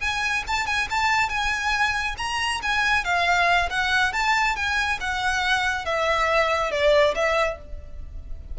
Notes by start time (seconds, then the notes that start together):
0.00 G#5
0.47 A5
0.66 G#5
0.90 A5
1.29 G#5
2.17 A#5
2.62 G#5
3.04 F5
3.70 F#5
4.13 A5
4.55 G#5
5.00 F#5
5.85 E5
6.71 D5
7.15 E5